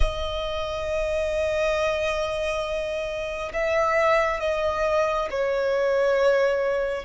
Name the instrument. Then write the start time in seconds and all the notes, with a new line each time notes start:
violin
0.00 D#5
3.53 E5
4.40 D#5
5.30 C#5